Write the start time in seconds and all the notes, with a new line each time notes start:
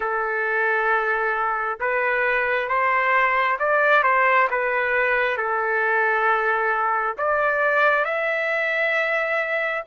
0.00 A4
1.80 B4
2.68 C5
3.59 D5
4.03 C5
4.50 B4
5.37 A4
7.17 D5
8.04 E5